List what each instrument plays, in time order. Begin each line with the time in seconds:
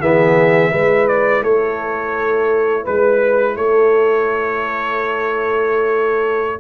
0.00 tuba E3, trombone B3, horn G#4, trumpet E5
0.71 tuba G#3, trombone E4, horn B4
1.08 trumpet D5
1.43 tuba A3, horn A4, trumpet C#5
2.83 tuba G#3, horn B4, trumpet B4
3.57 tuba A3, horn A4, trumpet C#5